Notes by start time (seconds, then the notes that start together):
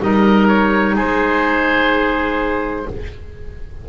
0.00 G3 D#4 A#4 D#5
0.48 C#5
0.95 G#3 G#4 C5